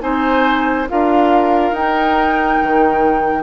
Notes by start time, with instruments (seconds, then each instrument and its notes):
0.00 bassoon C4, clarinet D#4, oboe C5, flute G#5
0.88 bassoon D4, clarinet F4, oboe A#4, flute F5
1.71 bassoon D#4, clarinet D#4, flute G5
2.62 bassoon D#3